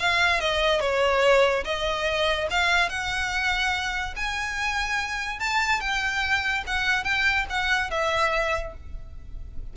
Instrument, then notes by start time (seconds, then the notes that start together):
violin
0.00 F5
0.41 D#5
0.81 C#5
1.65 D#5
2.51 F5
2.90 F#5
4.16 G#5
5.40 A5
5.81 G5
6.67 F#5
7.04 G5
7.50 F#5
7.91 E5